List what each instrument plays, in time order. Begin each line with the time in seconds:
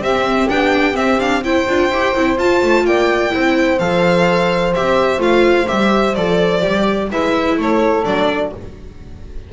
0.00 double bass C4, viola C4, saxophone G4, violin E5
0.49 double bass B3, viola D4, violin G5
0.94 viola C4, double bass C4, violin E5
1.20 viola D4, violin F5
1.44 viola E4, saxophone C5, violin G5
1.68 double bass D4, viola F4
1.91 double bass E4, viola G4
2.16 double bass C4, viola E4
2.38 viola F4, double bass F4, violin A5
2.62 double bass A3
2.85 double bass A#3, saxophone D5, violin G5
3.31 double bass C4, viola E4, saxophone C5
3.79 double bass F3, viola A4, violin F5
4.74 double bass C4, viola G4, violin E5
5.19 double bass A3, viola F4, violin F5
5.67 double bass G3, viola G4, violin E5
6.15 double bass F3, viola A4, violin D5
6.61 double bass G3, viola G4
7.11 double bass G#3, viola E4, saxophone B4, violin E5
7.57 double bass A3, saxophone A4, violin C#5
8.05 double bass F#3, viola D4, violin D5